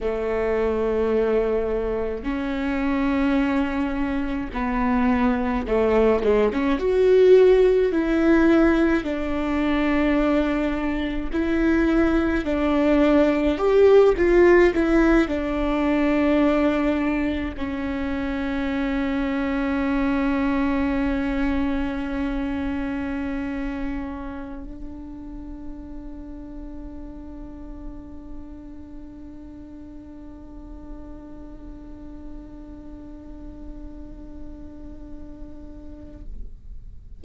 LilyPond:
\new Staff \with { instrumentName = "viola" } { \time 4/4 \tempo 4 = 53 a2 cis'2 | b4 a8 gis16 cis'16 fis'4 e'4 | d'2 e'4 d'4 | g'8 f'8 e'8 d'2 cis'8~ |
cis'1~ | cis'4.~ cis'16 d'2~ d'16~ | d'1~ | d'1 | }